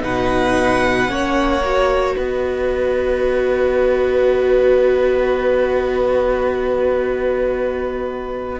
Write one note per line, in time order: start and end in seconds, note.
0.00 1.09 B2
0.00 1.07 D#4
0.00 1.11 B4
0.00 2.17 F#5
1.08 2.16 A#3
1.08 1.62 C#4
1.08 2.17 C#5
1.65 8.60 F#4
2.17 8.60 B3
2.17 8.59 B4
2.17 8.60 D#5